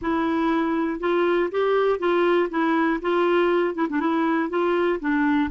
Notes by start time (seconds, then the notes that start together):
0.01 E4
1.00 F4
1.51 G4
1.99 F4
2.50 E4
3.01 F4
3.75 E4
3.89 D4
4.00 E4
4.49 F4
5.00 D4